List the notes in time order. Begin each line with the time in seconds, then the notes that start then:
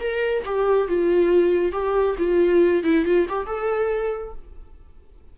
0.00 A#4
0.45 G4
0.88 F4
1.72 G4
2.18 F4
2.83 E4
3.05 F4
3.29 G4
3.46 A4